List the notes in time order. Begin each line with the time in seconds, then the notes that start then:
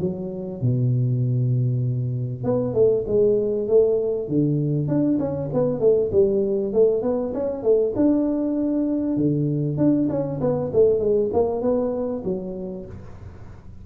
0.00 F#3
0.61 B2
2.44 B3
2.74 A3
3.07 G#3
3.67 A3
4.28 D3
4.87 D4
5.19 C#4
5.53 B3
5.79 A3
6.12 G3
6.73 A3
7.02 B3
7.34 C#4
7.63 A3
7.96 D4
9.16 D3
9.77 D4
10.09 C#4
10.40 B3
10.73 A3
10.99 G#3
11.33 A#3
11.61 B3
12.24 F#3